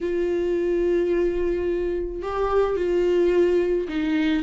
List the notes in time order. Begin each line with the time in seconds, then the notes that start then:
0.00 F4
2.22 G4
2.76 F4
3.88 D#4